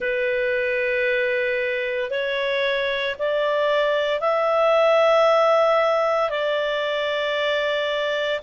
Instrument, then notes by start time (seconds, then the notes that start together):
clarinet
0.00 B4
2.10 C#5
3.18 D5
4.20 E5
6.30 D5